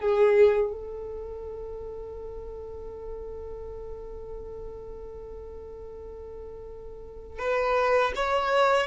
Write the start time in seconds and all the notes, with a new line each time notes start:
0.00 G#4
0.73 A4
7.39 B4
8.16 C#5